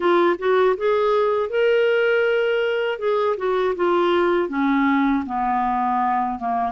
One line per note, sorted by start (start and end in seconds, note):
0.00 0.36 F4
0.38 0.75 F#4
0.77 1.49 G#4
1.49 2.98 A#4
2.98 3.36 G#4
3.37 3.74 F#4
3.75 4.48 F4
4.48 5.23 C#4
5.26 6.38 B3
6.39 6.71 A#3